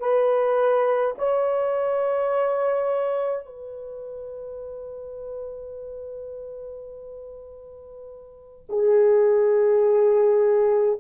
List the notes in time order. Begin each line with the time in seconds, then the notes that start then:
0.00 B4
1.18 C#5
3.46 B4
8.69 G#4